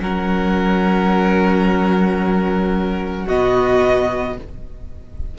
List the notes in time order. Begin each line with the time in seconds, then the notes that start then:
0.00 F#3 C#4 A#4 F#5
3.26 B2 B3 F#4 D#5